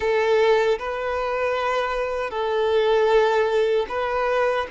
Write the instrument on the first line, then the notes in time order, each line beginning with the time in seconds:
violin
0.00 A4
0.78 B4
2.30 A4
3.89 B4